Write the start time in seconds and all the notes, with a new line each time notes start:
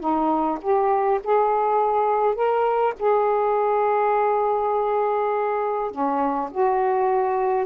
0.00 D#4
0.62 G4
1.24 G#4
2.35 A#4
2.99 G#4
5.91 C#4
6.51 F#4